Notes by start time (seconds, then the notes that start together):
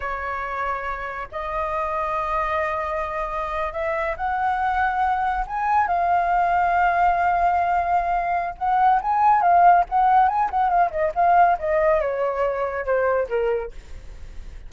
0.00 C#5
1.31 D#5
3.72 E5
4.16 F#5
5.46 G#5
5.87 F5
8.57 F#5
9.01 G#5
9.41 F5
9.89 F#5
10.28 G#5
10.50 F#5
10.69 F5
10.90 D#5
11.14 F5
11.59 D#5
12.00 C#5
12.85 C5
13.28 A#4